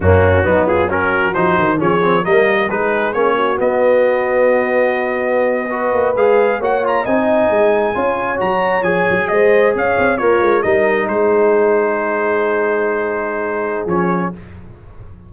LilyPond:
<<
  \new Staff \with { instrumentName = "trumpet" } { \time 4/4 \tempo 4 = 134 fis'4. gis'8 ais'4 c''4 | cis''4 dis''4 b'4 cis''4 | dis''1~ | dis''4.~ dis''16 f''4 fis''8 ais''8 gis''16~ |
gis''2~ gis''8. ais''4 gis''16~ | gis''8. dis''4 f''4 cis''4 dis''16~ | dis''8. c''2.~ c''16~ | c''2. cis''4 | }
  \new Staff \with { instrumentName = "horn" } { \time 4/4 cis'4 dis'8 f'8 fis'2 | gis'4 ais'4 gis'4. fis'8~ | fis'1~ | fis'8. b'2 cis''4 dis''16~ |
dis''4.~ dis''16 cis''2~ cis''16~ | cis''8. c''4 cis''4 f'4 ais'16~ | ais'8. gis'2.~ gis'16~ | gis'1 | }
  \new Staff \with { instrumentName = "trombone" } { \time 4/4 ais4 b4 cis'4 dis'4 | cis'8 c'8 ais4 dis'4 cis'4 | b1~ | b8. fis'4 gis'4 fis'8 f'8 dis'16~ |
dis'4.~ dis'16 f'4 fis'4 gis'16~ | gis'2~ gis'8. ais'4 dis'16~ | dis'1~ | dis'2. cis'4 | }
  \new Staff \with { instrumentName = "tuba" } { \time 4/4 fis,4 fis2 f8 dis8 | f4 g4 gis4 ais4 | b1~ | b4~ b16 ais8 gis4 ais4 c'16~ |
c'8. gis4 cis'4 fis4 f16~ | f16 fis8 gis4 cis'8 c'8 ais8 gis8 g16~ | g8. gis2.~ gis16~ | gis2. f4 | }
>>